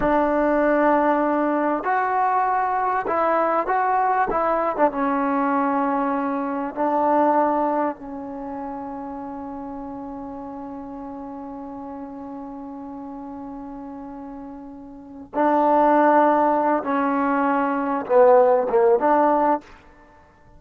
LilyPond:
\new Staff \with { instrumentName = "trombone" } { \time 4/4 \tempo 4 = 98 d'2. fis'4~ | fis'4 e'4 fis'4 e'8. d'16 | cis'2. d'4~ | d'4 cis'2.~ |
cis'1~ | cis'1~ | cis'4 d'2~ d'8 cis'8~ | cis'4. b4 ais8 d'4 | }